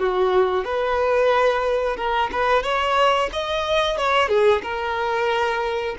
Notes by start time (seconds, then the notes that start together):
0.00 F#4
0.65 B4
1.97 A#4
2.32 B4
2.64 C#5
3.33 D#5
3.98 C#5
4.29 G#4
4.63 A#4